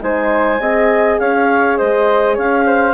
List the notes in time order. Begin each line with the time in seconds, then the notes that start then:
0.00 G#3 D#4 C5 G#5
0.60 C4 G#4 D#5
1.19 C#4 C#5 F5
1.77 G#3 C5 D#5
2.34 C#4 C#5 F5
2.66 C5